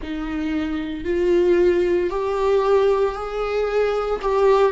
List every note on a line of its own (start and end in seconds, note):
0.02 1.04 D#4
1.04 2.10 F4
2.10 3.14 G4
3.14 4.20 G#4
4.22 4.72 G4